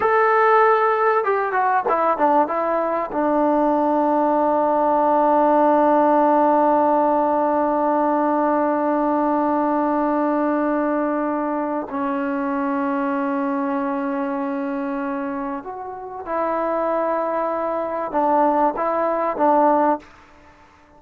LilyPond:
\new Staff \with { instrumentName = "trombone" } { \time 4/4 \tempo 4 = 96 a'2 g'8 fis'8 e'8 d'8 | e'4 d'2.~ | d'1~ | d'1~ |
d'2. cis'4~ | cis'1~ | cis'4 fis'4 e'2~ | e'4 d'4 e'4 d'4 | }